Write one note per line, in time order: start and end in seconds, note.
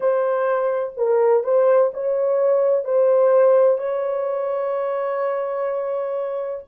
0.00 0.93 C5
0.97 1.43 A#4
1.43 1.90 C5
1.93 2.84 C#5
2.84 3.78 C5
3.78 6.64 C#5